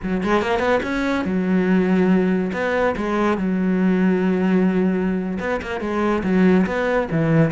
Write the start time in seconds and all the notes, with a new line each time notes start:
0.02 F#3
0.23 G#3
0.41 A#3
0.59 B3
0.83 C#4
1.24 F#3
2.53 B3
2.96 G#3
3.37 F#3
5.39 B3
5.62 A#3
5.80 G#3
6.23 F#3
6.66 B3
7.11 E3